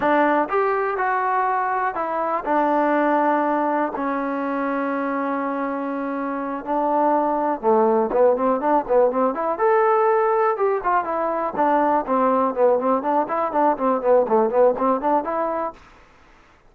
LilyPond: \new Staff \with { instrumentName = "trombone" } { \time 4/4 \tempo 4 = 122 d'4 g'4 fis'2 | e'4 d'2. | cis'1~ | cis'4. d'2 a8~ |
a8 b8 c'8 d'8 b8 c'8 e'8 a'8~ | a'4. g'8 f'8 e'4 d'8~ | d'8 c'4 b8 c'8 d'8 e'8 d'8 | c'8 b8 a8 b8 c'8 d'8 e'4 | }